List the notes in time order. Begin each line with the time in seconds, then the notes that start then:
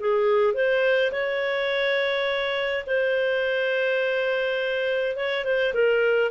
0.00 G#4
0.54 C5
1.12 C#5
2.87 C5
5.17 C#5
5.45 C5
5.74 A#4